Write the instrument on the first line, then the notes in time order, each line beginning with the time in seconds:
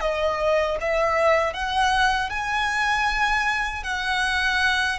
violin
0.00 D#5
0.80 E5
1.53 F#5
2.29 G#5
3.83 F#5